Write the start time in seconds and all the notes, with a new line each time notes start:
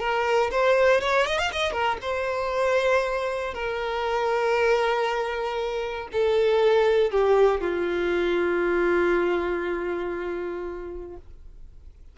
0.00 A#4
0.52 C5
1.01 C#5
1.27 D#5
1.39 F5
1.53 D#5
1.73 A#4
2.02 C5
3.55 A#4
6.13 A4
7.12 G4
7.61 F4